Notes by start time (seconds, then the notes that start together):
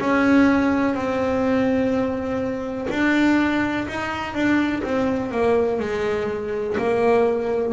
0.00 C#4
0.94 C4
2.90 D4
3.88 D#4
4.34 D4
4.83 C4
5.31 A#3
5.79 G#3
6.77 A#3